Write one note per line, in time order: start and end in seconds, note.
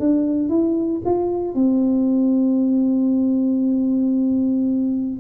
0.00 0.50 D4
0.50 1.02 E4
1.06 1.55 F4
1.55 5.20 C4